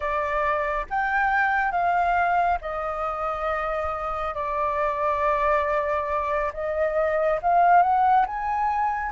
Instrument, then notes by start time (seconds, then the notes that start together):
flute
0.00 D5
0.89 G5
1.71 F5
2.61 D#5
4.34 D5
6.53 D#5
7.42 F5
7.82 F#5
8.26 G#5